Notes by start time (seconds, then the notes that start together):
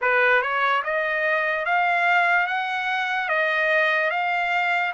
0.01 B4
0.41 C#5
0.84 D#5
1.65 F5
2.47 F#5
3.29 D#5
4.10 F5